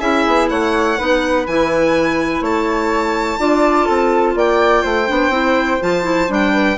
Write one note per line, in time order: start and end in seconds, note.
0.00 0.25 C#4
0.00 0.97 E4
0.00 0.48 G#4
0.00 0.49 E5
0.27 0.50 B3
0.49 0.99 A3
0.49 0.98 C#5
0.49 1.46 F#5
0.98 1.47 B3
0.98 1.47 D#4
0.98 2.42 B4
1.47 2.41 E3
1.47 3.38 E4
1.47 2.44 G#5
2.41 3.38 A3
2.41 3.39 C#5
2.41 4.38 A5
3.38 3.87 D4
3.38 5.07 F4
3.38 3.85 D5
3.85 4.35 C4
3.85 4.33 A4
4.35 4.84 A#3
4.35 4.83 D5
4.35 5.82 G5
4.83 5.09 A3
4.83 6.52 C5
5.07 5.30 B3
5.07 5.31 D4
5.30 5.78 C4
5.30 5.80 E4
5.81 6.29 F3
5.81 6.03 F4
5.81 6.31 A5
6.03 6.27 E4
6.28 6.77 G3
6.28 6.77 D4
6.28 6.77 G5
6.53 6.77 B4